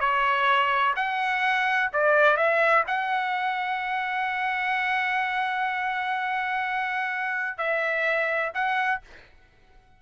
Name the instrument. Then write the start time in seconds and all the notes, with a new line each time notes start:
trumpet
0.00 C#5
0.96 F#5
1.93 D5
2.37 E5
2.87 F#5
7.58 E5
8.54 F#5